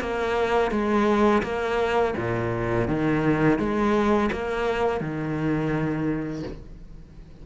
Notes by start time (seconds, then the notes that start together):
0.00 A#3
0.71 G#3
1.43 A#3
2.17 A#2
2.88 D#3
3.58 G#3
4.31 A#3
5.00 D#3